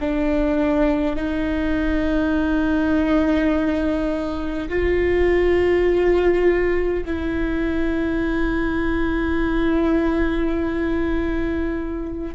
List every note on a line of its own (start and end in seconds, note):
0.00 1.16 D4
1.16 4.69 D#4
4.69 7.04 F4
7.05 12.35 E4